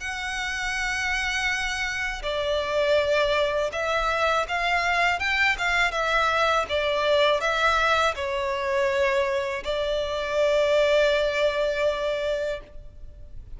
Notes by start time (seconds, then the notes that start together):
0.00 F#5
2.23 D5
3.72 E5
4.48 F5
5.19 G5
5.58 F5
5.91 E5
6.69 D5
7.40 E5
8.15 C#5
9.64 D5